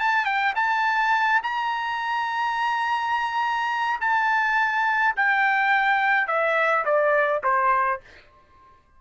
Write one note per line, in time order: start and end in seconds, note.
0.00 0.25 A5
0.25 0.54 G5
0.56 1.41 A5
1.43 4.00 A#5
4.01 5.15 A5
5.17 6.28 G5
6.28 6.85 E5
6.85 7.42 D5
7.44 8.01 C5